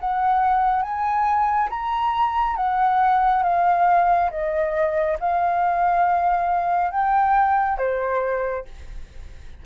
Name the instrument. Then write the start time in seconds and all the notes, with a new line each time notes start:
flute
0.00 F#5
0.82 G#5
1.70 A#5
2.56 F#5
3.43 F5
4.31 D#5
5.20 F5
6.91 G5
7.78 C5